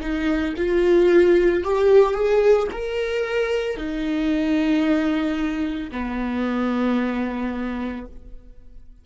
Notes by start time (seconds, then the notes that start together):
0.00 D#4
0.56 F4
1.63 G4
2.14 G#4
2.71 A#4
3.76 D#4
5.91 B3